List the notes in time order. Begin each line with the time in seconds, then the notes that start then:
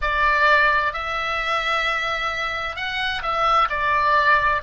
0.01 D5
0.93 E5
2.76 F#5
3.22 E5
3.69 D5